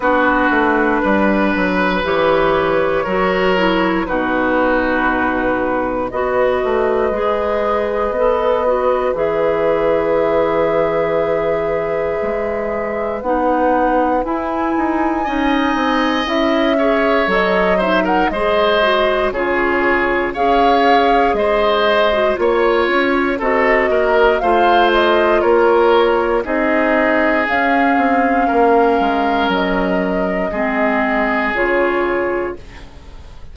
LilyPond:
<<
  \new Staff \with { instrumentName = "flute" } { \time 4/4 \tempo 4 = 59 b'2 cis''2 | b'2 dis''2~ | dis''4 e''2.~ | e''4 fis''4 gis''2 |
e''4 dis''8 e''16 fis''16 dis''4 cis''4 | f''4 dis''4 cis''4 dis''4 | f''8 dis''8 cis''4 dis''4 f''4~ | f''4 dis''2 cis''4 | }
  \new Staff \with { instrumentName = "oboe" } { \time 4/4 fis'4 b'2 ais'4 | fis'2 b'2~ | b'1~ | b'2. dis''4~ |
dis''8 cis''4 c''16 ais'16 c''4 gis'4 | cis''4 c''4 cis''4 a'8 ais'8 | c''4 ais'4 gis'2 | ais'2 gis'2 | }
  \new Staff \with { instrumentName = "clarinet" } { \time 4/4 d'2 g'4 fis'8 e'8 | dis'2 fis'4 gis'4 | a'8 fis'8 gis'2.~ | gis'4 dis'4 e'4 dis'4 |
e'8 gis'8 a'8 dis'8 gis'8 fis'8 f'4 | gis'4.~ gis'16 fis'16 f'4 fis'4 | f'2 dis'4 cis'4~ | cis'2 c'4 f'4 | }
  \new Staff \with { instrumentName = "bassoon" } { \time 4/4 b8 a8 g8 fis8 e4 fis4 | b,2 b8 a8 gis4 | b4 e2. | gis4 b4 e'8 dis'8 cis'8 c'8 |
cis'4 fis4 gis4 cis4 | cis'4 gis4 ais8 cis'8 c'8 ais8 | a4 ais4 c'4 cis'8 c'8 | ais8 gis8 fis4 gis4 cis4 | }
>>